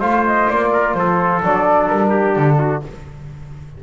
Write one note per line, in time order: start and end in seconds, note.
0.00 0.49 A3
0.00 1.43 F4
0.00 0.70 C5
0.00 0.24 F5
0.27 0.50 D#5
0.50 0.95 A#3
0.50 0.94 D5
0.73 0.96 A#4
0.94 1.41 F3
0.94 2.10 A4
0.94 1.41 C5
1.43 1.90 F#3
1.43 2.84 D4
1.43 1.88 D5
1.88 2.36 G3
1.88 2.35 A#4
2.10 2.57 G4
2.36 2.83 D3
2.36 2.83 A4
2.59 2.83 F#4